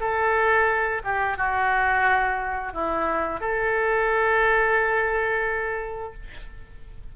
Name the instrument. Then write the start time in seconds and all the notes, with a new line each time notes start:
oboe
0.00 A4
1.04 G4
1.37 F#4
2.73 E4
3.40 A4